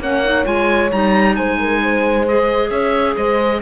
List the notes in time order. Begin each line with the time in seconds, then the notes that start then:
0.00 A#3 C#4 C#5 F#5
0.24 D#4
0.45 G#3 F4 G#5
0.92 G3 D#4 A#5
1.36 G#3 C5 G#5
1.59 A#4
1.83 C5
2.26 G#4 D#5
2.70 C#4 C#5 E5
3.16 G#3 C5 D#5